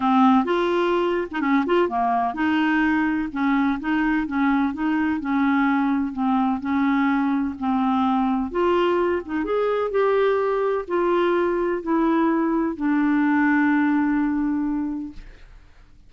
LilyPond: \new Staff \with { instrumentName = "clarinet" } { \time 4/4 \tempo 4 = 127 c'4 f'4.~ f'16 dis'16 cis'8 f'8 | ais4 dis'2 cis'4 | dis'4 cis'4 dis'4 cis'4~ | cis'4 c'4 cis'2 |
c'2 f'4. dis'8 | gis'4 g'2 f'4~ | f'4 e'2 d'4~ | d'1 | }